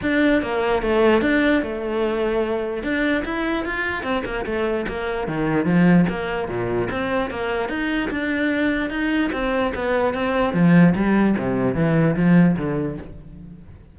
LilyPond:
\new Staff \with { instrumentName = "cello" } { \time 4/4 \tempo 4 = 148 d'4 ais4 a4 d'4 | a2. d'4 | e'4 f'4 c'8 ais8 a4 | ais4 dis4 f4 ais4 |
ais,4 c'4 ais4 dis'4 | d'2 dis'4 c'4 | b4 c'4 f4 g4 | c4 e4 f4 d4 | }